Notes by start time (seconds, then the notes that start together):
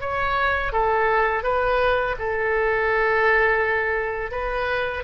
0.00 C#5
0.72 A4
1.43 B4
2.19 A4
4.31 B4